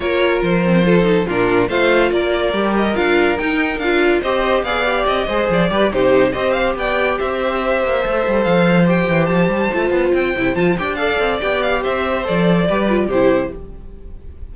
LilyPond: <<
  \new Staff \with { instrumentName = "violin" } { \time 4/4 \tempo 4 = 142 cis''4 c''2 ais'4 | f''4 d''4. dis''8 f''4 | g''4 f''4 dis''4 f''4 | dis''4 d''4 c''4 dis''8 f''8 |
g''4 e''2. | f''4 g''4 a''2 | g''4 a''8 g''8 f''4 g''8 f''8 | e''4 d''2 c''4 | }
  \new Staff \with { instrumentName = "violin" } { \time 4/4 ais'2 a'4 f'4 | c''4 ais'2.~ | ais'2 c''4 d''4~ | d''8 c''4 b'8 g'4 c''4 |
d''4 c''2.~ | c''1~ | c''2 d''2 | c''2 b'4 g'4 | }
  \new Staff \with { instrumentName = "viola" } { \time 4/4 f'4. c'8 f'8 dis'8 d'4 | f'2 g'4 f'4 | dis'4 f'4 g'4 gis'8 g'8~ | g'8 gis'4 g'8 dis'4 g'4~ |
g'2. a'4~ | a'4 g'2 f'4~ | f'8 e'8 f'8 g'8 a'4 g'4~ | g'4 a'4 g'8 f'8 e'4 | }
  \new Staff \with { instrumentName = "cello" } { \time 4/4 ais4 f2 ais,4 | a4 ais4 g4 d'4 | dis'4 d'4 c'4 b4 | c'8 gis8 f8 g8 c4 c'4 |
b4 c'4. ais8 a8 g8 | f4. e8 f8 g8 a8 b8 | c'8 c8 f8 d'4 c'8 b4 | c'4 f4 g4 c4 | }
>>